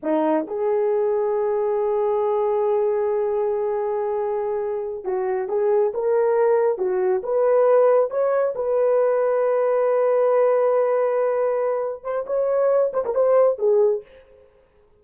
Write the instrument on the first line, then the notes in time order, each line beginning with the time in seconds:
horn
0.02 D#4
0.47 G#4
5.04 F#4
5.48 G#4
5.93 A#4
6.78 F#4
7.23 B4
8.10 C#5
8.55 B4
12.03 C5
12.26 C#5
12.93 C5
13.05 A#4
13.14 C5
13.58 G#4